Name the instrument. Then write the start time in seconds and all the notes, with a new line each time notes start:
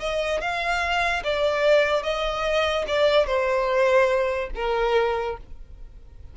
violin
0.00 D#5
0.41 F5
1.24 D5
2.03 D#5
2.88 D5
3.27 C5
4.55 A#4